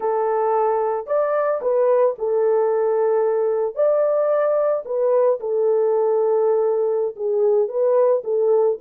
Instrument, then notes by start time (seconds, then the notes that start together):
horn
0.00 A4
1.07 D5
1.61 B4
2.18 A4
3.75 D5
4.85 B4
5.40 A4
7.15 G#4
7.68 B4
8.24 A4